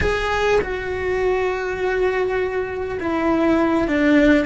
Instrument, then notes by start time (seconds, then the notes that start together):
cello
0.01 G#4
0.60 F#4
2.99 E4
3.87 D4